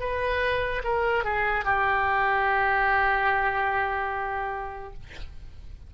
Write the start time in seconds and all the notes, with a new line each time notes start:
0.00 B4
0.84 A#4
1.24 G#4
1.65 G4